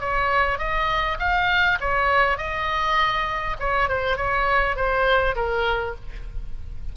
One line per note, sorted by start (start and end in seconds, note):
0.00 0.59 C#5
0.59 1.18 D#5
1.19 1.79 F5
1.81 2.38 C#5
2.38 3.57 D#5
3.60 3.89 C#5
3.89 4.17 C5
4.17 4.76 C#5
4.76 5.36 C5
5.36 5.95 A#4